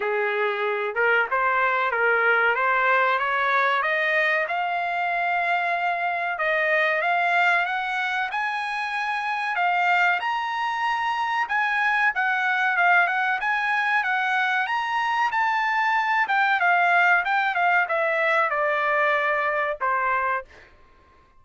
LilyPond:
\new Staff \with { instrumentName = "trumpet" } { \time 4/4 \tempo 4 = 94 gis'4. ais'8 c''4 ais'4 | c''4 cis''4 dis''4 f''4~ | f''2 dis''4 f''4 | fis''4 gis''2 f''4 |
ais''2 gis''4 fis''4 | f''8 fis''8 gis''4 fis''4 ais''4 | a''4. g''8 f''4 g''8 f''8 | e''4 d''2 c''4 | }